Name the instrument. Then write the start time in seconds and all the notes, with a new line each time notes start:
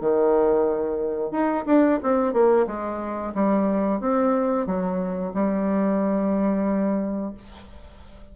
bassoon
0.00 D#3
1.31 D#4
1.66 D4
2.02 C4
2.33 A#3
2.67 G#3
3.34 G3
4.00 C4
4.66 F#3
5.34 G3